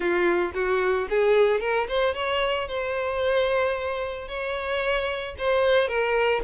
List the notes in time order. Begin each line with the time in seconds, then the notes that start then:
0.00 F4
0.54 F#4
1.09 G#4
1.60 A#4
1.88 C5
2.14 C#5
2.67 C5
4.28 C#5
5.38 C5
5.88 A#4